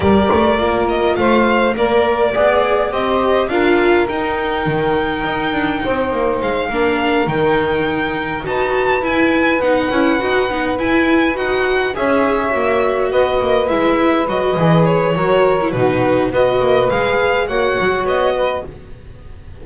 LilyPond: <<
  \new Staff \with { instrumentName = "violin" } { \time 4/4 \tempo 4 = 103 d''4. dis''8 f''4 d''4~ | d''4 dis''4 f''4 g''4~ | g''2. f''4~ | f''8 g''2 a''4 gis''8~ |
gis''8 fis''2 gis''4 fis''8~ | fis''8 e''2 dis''4 e''8~ | e''8 dis''4 cis''4. b'4 | dis''4 f''4 fis''4 dis''4 | }
  \new Staff \with { instrumentName = "saxophone" } { \time 4/4 ais'2 c''4 ais'4 | d''4 c''4 ais'2~ | ais'2 c''4. ais'8~ | ais'2~ ais'8 b'4.~ |
b'1~ | b'8 cis''2 b'4.~ | b'2 ais'4 fis'4 | b'2 cis''4. b'8 | }
  \new Staff \with { instrumentName = "viola" } { \time 4/4 g'4 f'2 ais'4 | gis'4 g'4 f'4 dis'4~ | dis'2.~ dis'8 d'8~ | d'8 dis'2 fis'4 e'8~ |
e'8 dis'8 e'8 fis'8 dis'8 e'4 fis'8~ | fis'8 gis'4 fis'2 e'8~ | e'8 fis'8 gis'4 fis'8. e'16 dis'4 | fis'4 gis'4 fis'2 | }
  \new Staff \with { instrumentName = "double bass" } { \time 4/4 g8 a8 ais4 a4 ais4 | b4 c'4 d'4 dis'4 | dis4 dis'8 d'8 c'8 ais8 gis8 ais8~ | ais8 dis2 dis'4 e'8~ |
e'8 b8 cis'8 dis'8 b8 e'4 dis'8~ | dis'8 cis'4 ais4 b8 ais8 gis8~ | gis8 fis8 e4 fis4 b,4 | b8 ais8 gis4 ais8 fis8 b4 | }
>>